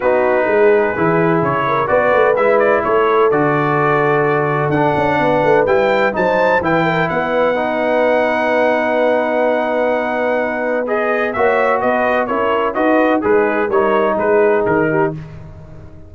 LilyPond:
<<
  \new Staff \with { instrumentName = "trumpet" } { \time 4/4 \tempo 4 = 127 b'2. cis''4 | d''4 e''8 d''8 cis''4 d''4~ | d''2 fis''2 | g''4 a''4 g''4 fis''4~ |
fis''1~ | fis''2. dis''4 | e''4 dis''4 cis''4 dis''4 | b'4 cis''4 b'4 ais'4 | }
  \new Staff \with { instrumentName = "horn" } { \time 4/4 fis'4 gis'2~ gis'8 ais'8 | b'2 a'2~ | a'2. b'4~ | b'4 c''4 b'8 ais'8 b'4~ |
b'1~ | b'1 | cis''4 b'4 ais'4 b'4 | dis'4 ais'4 gis'4. g'8 | }
  \new Staff \with { instrumentName = "trombone" } { \time 4/4 dis'2 e'2 | fis'4 e'2 fis'4~ | fis'2 d'2 | e'4 dis'4 e'2 |
dis'1~ | dis'2. gis'4 | fis'2 e'4 fis'4 | gis'4 dis'2. | }
  \new Staff \with { instrumentName = "tuba" } { \time 4/4 b4 gis4 e4 cis4 | b8 a8 gis4 a4 d4~ | d2 d'8 cis'8 b8 a8 | g4 fis4 e4 b4~ |
b1~ | b1 | ais4 b4 cis'4 dis'4 | gis4 g4 gis4 dis4 | }
>>